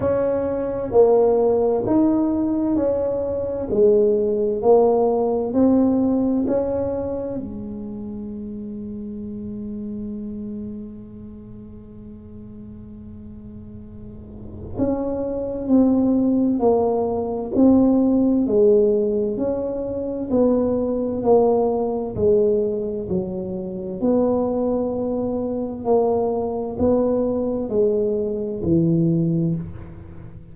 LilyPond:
\new Staff \with { instrumentName = "tuba" } { \time 4/4 \tempo 4 = 65 cis'4 ais4 dis'4 cis'4 | gis4 ais4 c'4 cis'4 | gis1~ | gis1 |
cis'4 c'4 ais4 c'4 | gis4 cis'4 b4 ais4 | gis4 fis4 b2 | ais4 b4 gis4 e4 | }